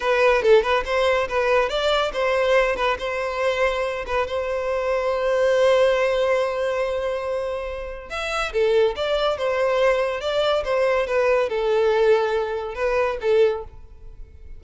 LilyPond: \new Staff \with { instrumentName = "violin" } { \time 4/4 \tempo 4 = 141 b'4 a'8 b'8 c''4 b'4 | d''4 c''4. b'8 c''4~ | c''4. b'8 c''2~ | c''1~ |
c''2. e''4 | a'4 d''4 c''2 | d''4 c''4 b'4 a'4~ | a'2 b'4 a'4 | }